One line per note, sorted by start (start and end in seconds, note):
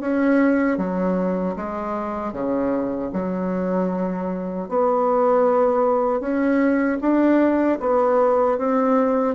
0.00 0.78 C#4
0.78 1.55 F#3
1.56 2.32 G#3
2.32 3.10 C#3
3.13 4.68 F#3
4.68 6.20 B3
6.20 6.98 C#4
7.01 7.79 D4
7.80 8.58 B3
8.58 9.35 C4